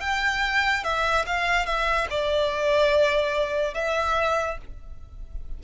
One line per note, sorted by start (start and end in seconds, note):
0.00 0.83 G5
0.84 1.25 E5
1.26 1.66 F5
1.66 2.07 E5
2.10 3.74 D5
3.74 4.58 E5